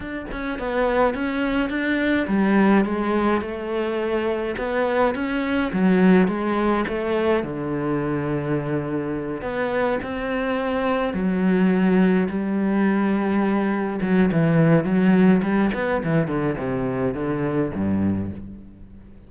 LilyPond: \new Staff \with { instrumentName = "cello" } { \time 4/4 \tempo 4 = 105 d'8 cis'8 b4 cis'4 d'4 | g4 gis4 a2 | b4 cis'4 fis4 gis4 | a4 d2.~ |
d8 b4 c'2 fis8~ | fis4. g2~ g8~ | g8 fis8 e4 fis4 g8 b8 | e8 d8 c4 d4 g,4 | }